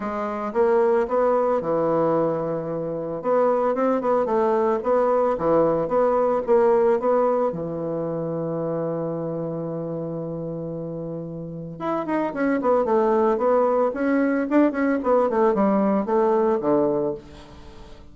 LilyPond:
\new Staff \with { instrumentName = "bassoon" } { \time 4/4 \tempo 4 = 112 gis4 ais4 b4 e4~ | e2 b4 c'8 b8 | a4 b4 e4 b4 | ais4 b4 e2~ |
e1~ | e2 e'8 dis'8 cis'8 b8 | a4 b4 cis'4 d'8 cis'8 | b8 a8 g4 a4 d4 | }